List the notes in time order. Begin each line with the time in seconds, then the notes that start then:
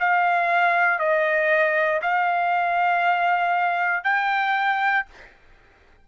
0.00 F5
0.99 D#5
2.02 F5
4.04 G5